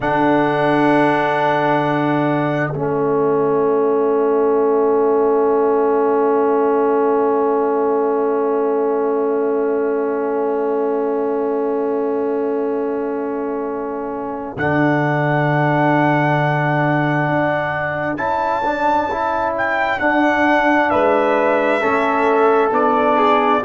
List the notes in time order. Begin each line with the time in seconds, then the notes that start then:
0.00 D3 D4 A4 F#5
2.71 A3 C#4 E5
14.56 D3 D4 F#5
17.28 D4
18.16 C#4 E4 A5
18.64 D4
19.11 E4
19.57 G5
19.99 D4 F#5
20.90 G#3 B4 E5
21.80 A3 C#4 A4
22.70 B3 D4 D5
23.16 G#4